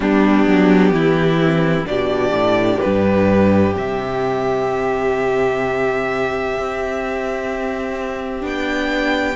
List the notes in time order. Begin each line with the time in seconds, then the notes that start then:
0.00 G3 B3 D4 G4
0.46 F#3
0.91 E3 E4
1.44 C4
1.85 B2 D4 G4 D5
2.30 A2
2.80 G2 B4
3.72 C3 C4 E5
6.58 C4
8.40 B3 D4 G5